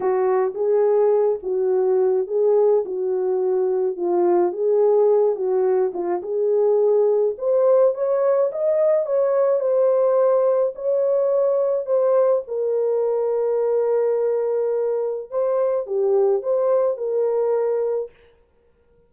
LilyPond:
\new Staff \with { instrumentName = "horn" } { \time 4/4 \tempo 4 = 106 fis'4 gis'4. fis'4. | gis'4 fis'2 f'4 | gis'4. fis'4 f'8 gis'4~ | gis'4 c''4 cis''4 dis''4 |
cis''4 c''2 cis''4~ | cis''4 c''4 ais'2~ | ais'2. c''4 | g'4 c''4 ais'2 | }